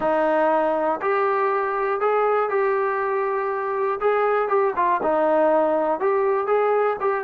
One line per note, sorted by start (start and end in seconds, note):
0.00 1.00 D#4
1.01 2.00 G4
2.00 2.49 G#4
2.49 3.99 G4
4.00 4.48 G#4
4.48 4.73 G4
4.75 5.00 F4
5.02 6.00 D#4
6.00 6.46 G4
6.46 6.96 G#4
7.00 7.24 G4